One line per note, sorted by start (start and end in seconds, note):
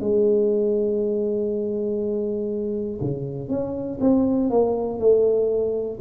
0.00 3.00 G#3
3.00 3.49 C#3
3.49 3.99 C#4
4.00 4.50 C4
4.50 4.99 A#3
4.99 5.99 A3